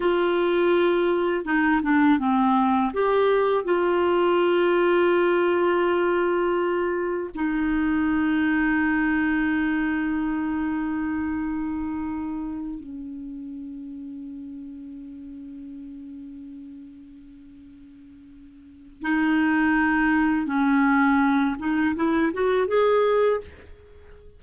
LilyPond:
\new Staff \with { instrumentName = "clarinet" } { \time 4/4 \tempo 4 = 82 f'2 dis'8 d'8 c'4 | g'4 f'2.~ | f'2 dis'2~ | dis'1~ |
dis'4. cis'2~ cis'8~ | cis'1~ | cis'2 dis'2 | cis'4. dis'8 e'8 fis'8 gis'4 | }